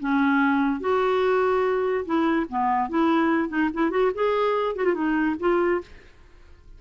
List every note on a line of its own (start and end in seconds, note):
0.00 0.80 C#4
0.80 2.04 F#4
2.05 2.46 E4
2.49 2.89 B3
2.89 3.49 E4
3.49 3.69 D#4
3.73 3.90 E4
3.90 4.11 F#4
4.14 4.76 G#4
4.76 4.85 F#4
4.85 4.94 F4
4.94 5.36 D#4
5.39 5.81 F4